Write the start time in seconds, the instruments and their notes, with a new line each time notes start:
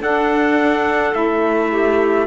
0.00 cello D4, saxophone D4, clarinet A4, trumpet F#5
1.13 cello A3, saxophone E4, trumpet E5
1.71 clarinet G4